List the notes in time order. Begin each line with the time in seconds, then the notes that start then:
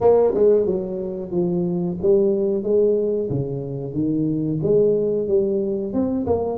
0.00 A#3
0.34 G#3
0.66 F#3
1.31 F3
2.02 G3
2.63 G#3
3.29 C#3
3.93 D#3
4.62 G#3
5.27 G3
5.93 C4
6.26 A#3